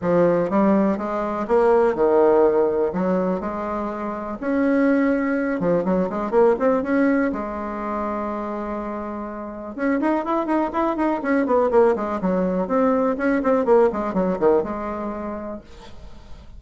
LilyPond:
\new Staff \with { instrumentName = "bassoon" } { \time 4/4 \tempo 4 = 123 f4 g4 gis4 ais4 | dis2 fis4 gis4~ | gis4 cis'2~ cis'8 f8 | fis8 gis8 ais8 c'8 cis'4 gis4~ |
gis1 | cis'8 dis'8 e'8 dis'8 e'8 dis'8 cis'8 b8 | ais8 gis8 fis4 c'4 cis'8 c'8 | ais8 gis8 fis8 dis8 gis2 | }